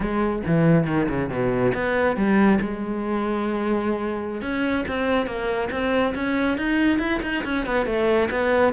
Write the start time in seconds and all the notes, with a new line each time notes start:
0.00 G#3
0.46 E3
0.87 D#3
1.09 C#3
1.29 B2
1.74 B3
2.16 G3
2.60 G#3
4.41 C#4
4.88 C4
5.26 A#3
5.70 C4
6.14 C#4
6.57 D#4
6.98 E4
7.22 D#4
7.44 C#4
7.66 B3
7.86 A3
8.30 B3